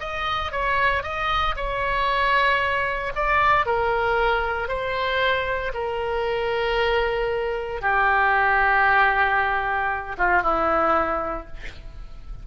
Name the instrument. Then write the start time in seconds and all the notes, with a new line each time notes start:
oboe
0.00 D#5
0.52 C#5
1.03 D#5
1.57 C#5
3.16 D5
3.66 A#4
4.68 C5
5.74 A#4
7.82 G4
10.18 F4
10.43 E4